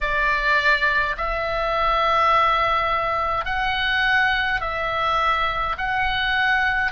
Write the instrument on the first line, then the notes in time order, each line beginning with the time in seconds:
oboe
0.00 D5
1.17 E5
3.45 F#5
4.60 E5
5.77 F#5